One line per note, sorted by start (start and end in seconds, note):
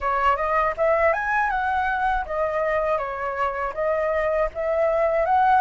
0.00 0.36 C#5
0.36 0.74 D#5
0.77 1.13 E5
1.13 1.50 G#5
1.50 2.25 F#5
2.25 2.98 D#5
2.98 3.73 C#5
3.74 4.49 D#5
4.54 5.25 E5
5.25 5.61 F#5